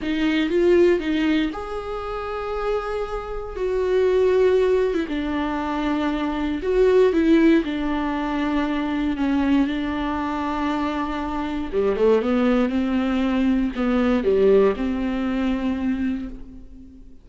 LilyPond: \new Staff \with { instrumentName = "viola" } { \time 4/4 \tempo 4 = 118 dis'4 f'4 dis'4 gis'4~ | gis'2. fis'4~ | fis'4.~ fis'16 e'16 d'2~ | d'4 fis'4 e'4 d'4~ |
d'2 cis'4 d'4~ | d'2. g8 a8 | b4 c'2 b4 | g4 c'2. | }